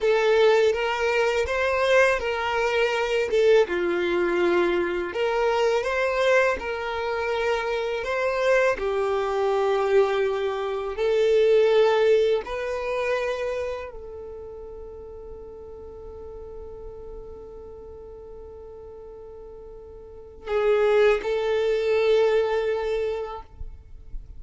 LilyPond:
\new Staff \with { instrumentName = "violin" } { \time 4/4 \tempo 4 = 82 a'4 ais'4 c''4 ais'4~ | ais'8 a'8 f'2 ais'4 | c''4 ais'2 c''4 | g'2. a'4~ |
a'4 b'2 a'4~ | a'1~ | a'1 | gis'4 a'2. | }